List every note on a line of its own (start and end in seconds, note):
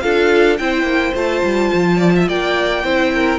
0.00 0.60 D4
0.00 0.58 F4
0.00 0.60 A4
0.00 0.57 F5
0.58 0.82 C4
0.58 1.14 E4
0.58 1.97 C5
0.58 1.14 G5
0.82 1.11 A#3
1.14 1.43 A3
1.14 2.84 F4
1.14 2.29 A5
1.43 1.72 G3
1.74 2.29 F3
1.97 2.11 D5
2.15 2.28 E5
2.28 2.84 A#3
2.28 2.84 D5
2.28 3.39 G5
2.84 3.39 C4
2.84 3.39 E4
2.84 3.13 C5
3.14 3.39 A#4